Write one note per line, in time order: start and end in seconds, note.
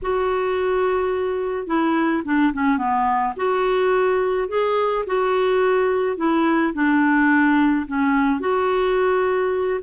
0.02 1.66 F#4
1.66 2.23 E4
2.24 2.52 D4
2.53 2.77 C#4
2.77 3.33 B3
3.36 4.48 F#4
4.48 5.04 G#4
5.06 6.17 F#4
6.17 6.73 E4
6.73 7.86 D4
7.86 8.40 C#4
8.40 9.80 F#4